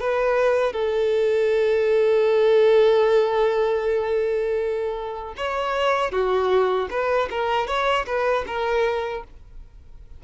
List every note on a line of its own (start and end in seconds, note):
0.00 0.73 B4
0.73 5.35 A4
5.37 6.12 C#5
6.12 6.88 F#4
6.90 7.29 B4
7.31 7.67 A#4
7.67 8.06 C#5
8.06 8.45 B4
8.47 9.24 A#4